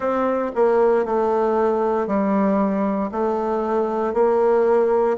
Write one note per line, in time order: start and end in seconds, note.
0.00 0.51 C4
0.55 1.05 A#3
1.05 2.07 A3
2.07 3.10 G3
3.11 4.13 A3
4.13 5.17 A#3